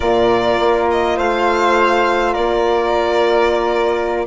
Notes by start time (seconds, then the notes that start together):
0.00 A#2 F4 A#4 D5
0.60 A#3
0.90 D#5
1.16 A3 C5 F5
2.33 A#3 A#4 D5